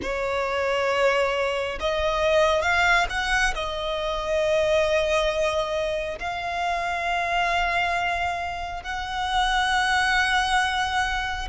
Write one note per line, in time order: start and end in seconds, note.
0.02 1.78 C#5
1.79 2.62 D#5
2.62 3.06 F5
3.09 3.53 F#5
3.54 6.18 D#5
6.19 8.83 F5
8.83 11.47 F#5